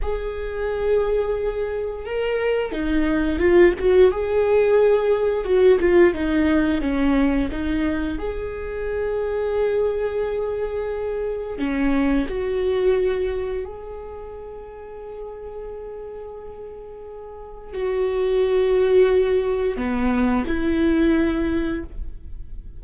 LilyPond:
\new Staff \with { instrumentName = "viola" } { \time 4/4 \tempo 4 = 88 gis'2. ais'4 | dis'4 f'8 fis'8 gis'2 | fis'8 f'8 dis'4 cis'4 dis'4 | gis'1~ |
gis'4 cis'4 fis'2 | gis'1~ | gis'2 fis'2~ | fis'4 b4 e'2 | }